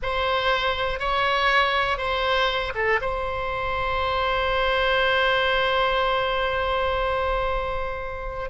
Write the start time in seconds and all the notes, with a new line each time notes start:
0.02 C5
0.99 C#5
1.97 C5
2.75 A4
3.01 C5